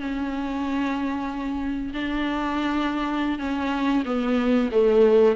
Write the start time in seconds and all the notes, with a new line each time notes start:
0.00 C#4
1.94 D4
3.39 C#4
4.05 B3
4.72 A3